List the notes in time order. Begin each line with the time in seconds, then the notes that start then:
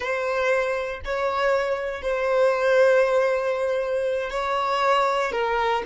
0.00 C5
1.04 C#5
2.02 C5
4.30 C#5
5.32 A#4